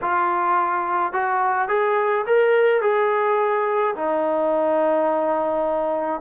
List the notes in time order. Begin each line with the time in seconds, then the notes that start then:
0.01 F4
1.12 F#4
1.68 G#4
2.26 A#4
2.81 G#4
3.95 D#4